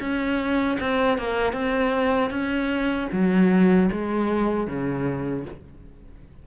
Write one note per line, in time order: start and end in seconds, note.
0.00 0.78 C#4
0.80 1.18 C4
1.18 1.53 A#3
1.53 2.30 C4
2.30 3.08 C#4
3.12 3.90 F#3
3.92 4.67 G#3
4.67 5.45 C#3